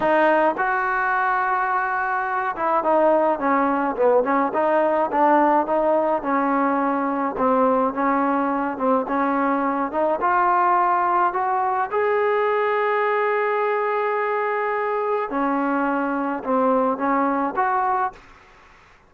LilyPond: \new Staff \with { instrumentName = "trombone" } { \time 4/4 \tempo 4 = 106 dis'4 fis'2.~ | fis'8 e'8 dis'4 cis'4 b8 cis'8 | dis'4 d'4 dis'4 cis'4~ | cis'4 c'4 cis'4. c'8 |
cis'4. dis'8 f'2 | fis'4 gis'2.~ | gis'2. cis'4~ | cis'4 c'4 cis'4 fis'4 | }